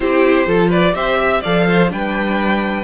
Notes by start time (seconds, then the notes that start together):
0.00 C4 E4 G4 C5
0.46 F3 F4 A4
0.69 B4 D5
0.94 C4 G4 C5 E5
1.18 E5
1.40 F3 A4 D5 F5
1.68 C5
1.88 G3 D4 B4 G5